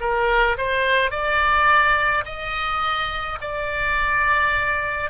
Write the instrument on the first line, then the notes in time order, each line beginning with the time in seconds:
oboe
0.00 A#4
0.57 C5
1.11 D5
2.25 D#5
3.41 D5